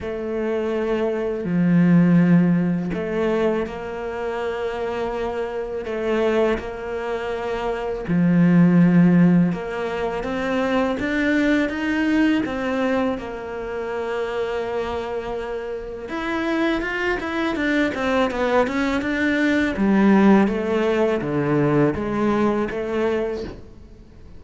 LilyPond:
\new Staff \with { instrumentName = "cello" } { \time 4/4 \tempo 4 = 82 a2 f2 | a4 ais2. | a4 ais2 f4~ | f4 ais4 c'4 d'4 |
dis'4 c'4 ais2~ | ais2 e'4 f'8 e'8 | d'8 c'8 b8 cis'8 d'4 g4 | a4 d4 gis4 a4 | }